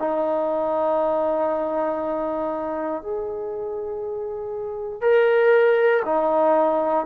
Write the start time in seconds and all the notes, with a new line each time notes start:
0.00 D#4
3.03 G#4
5.02 A#4
6.06 D#4